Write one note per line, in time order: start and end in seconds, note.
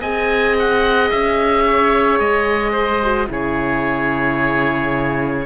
0.00 1.10 C4
0.00 3.03 G#4
0.00 1.64 D#5
0.00 0.56 G#5
0.59 1.10 F#5
1.10 2.19 C#4
1.10 2.19 E5
1.66 2.72 C#5
2.19 3.28 G#3
2.19 3.28 D#5
2.72 3.26 C5
3.03 3.27 F#4
3.27 5.46 C#3
3.27 5.45 E4
3.27 5.46 G#4
3.27 5.46 C#5